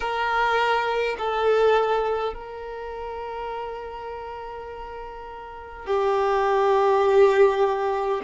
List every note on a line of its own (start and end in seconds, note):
0.00 1.16 A#4
1.18 2.33 A4
2.33 5.86 A#4
5.86 8.21 G4